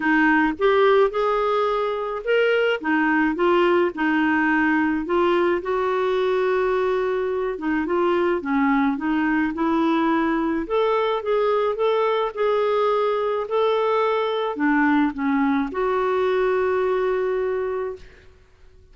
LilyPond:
\new Staff \with { instrumentName = "clarinet" } { \time 4/4 \tempo 4 = 107 dis'4 g'4 gis'2 | ais'4 dis'4 f'4 dis'4~ | dis'4 f'4 fis'2~ | fis'4. dis'8 f'4 cis'4 |
dis'4 e'2 a'4 | gis'4 a'4 gis'2 | a'2 d'4 cis'4 | fis'1 | }